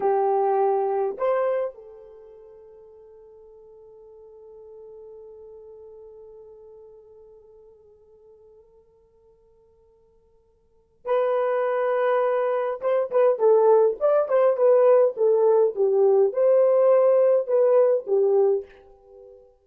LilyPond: \new Staff \with { instrumentName = "horn" } { \time 4/4 \tempo 4 = 103 g'2 c''4 a'4~ | a'1~ | a'1~ | a'1~ |
a'2. b'4~ | b'2 c''8 b'8 a'4 | d''8 c''8 b'4 a'4 g'4 | c''2 b'4 g'4 | }